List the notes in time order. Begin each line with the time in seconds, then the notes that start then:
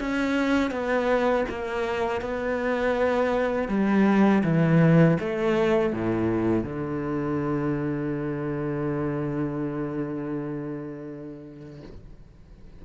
0.00 C#4
0.71 B3
1.49 A#3
2.22 B3
3.69 G3
4.43 E3
5.20 A3
5.93 A2
6.64 D3